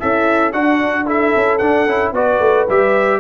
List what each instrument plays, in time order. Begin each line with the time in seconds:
0.00 tuba C#4, horn E4, trombone A4, trumpet E5
0.52 tuba D4, horn D4, trombone F#4, trumpet F#5
1.06 trombone E4, horn A4, trumpet E5
1.36 tuba C#4
1.58 trombone D4, tuba D4, trumpet F#5
1.87 tuba C#4, trombone E4
2.12 tuba B3, trombone F#4, horn B4, trumpet D5
2.39 tuba A3
2.69 tuba G3, trombone G4, trumpet E5